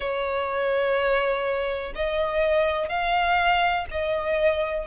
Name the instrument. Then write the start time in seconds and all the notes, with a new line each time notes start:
violin
0.00 C#5
1.95 D#5
2.89 F5
3.90 D#5